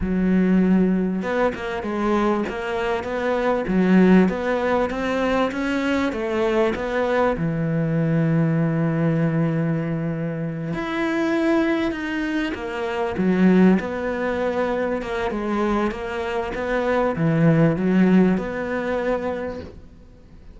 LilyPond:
\new Staff \with { instrumentName = "cello" } { \time 4/4 \tempo 4 = 98 fis2 b8 ais8 gis4 | ais4 b4 fis4 b4 | c'4 cis'4 a4 b4 | e1~ |
e4. e'2 dis'8~ | dis'8 ais4 fis4 b4.~ | b8 ais8 gis4 ais4 b4 | e4 fis4 b2 | }